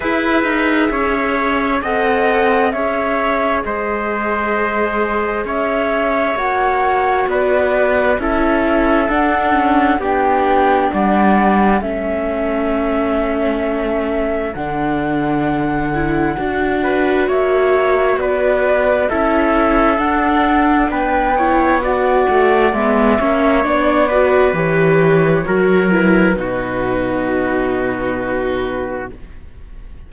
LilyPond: <<
  \new Staff \with { instrumentName = "flute" } { \time 4/4 \tempo 4 = 66 e''2 fis''4 e''4 | dis''2 e''4 fis''4 | d''4 e''4 fis''4 g''4 | fis''4 e''2. |
fis''2. e''4 | d''4 e''4 fis''4 g''4 | fis''4 e''4 d''4 cis''4~ | cis''8 b'2.~ b'8 | }
  \new Staff \with { instrumentName = "trumpet" } { \time 4/4 b'4 cis''4 dis''4 cis''4 | c''2 cis''2 | b'4 a'2 g'4 | d''4 a'2.~ |
a'2~ a'8 b'8 cis''4 | b'4 a'2 b'8 cis''8 | d''4. cis''4 b'4. | ais'4 fis'2. | }
  \new Staff \with { instrumentName = "viola" } { \time 4/4 gis'2 a'4 gis'4~ | gis'2. fis'4~ | fis'4 e'4 d'8 cis'8 d'4~ | d'4 cis'2. |
d'4. e'8 fis'2~ | fis'4 e'4 d'4. e'8 | fis'4 b8 cis'8 d'8 fis'8 g'4 | fis'8 e'8 dis'2. | }
  \new Staff \with { instrumentName = "cello" } { \time 4/4 e'8 dis'8 cis'4 c'4 cis'4 | gis2 cis'4 ais4 | b4 cis'4 d'4 b4 | g4 a2. |
d2 d'4 ais4 | b4 cis'4 d'4 b4~ | b8 a8 gis8 ais8 b4 e4 | fis4 b,2. | }
>>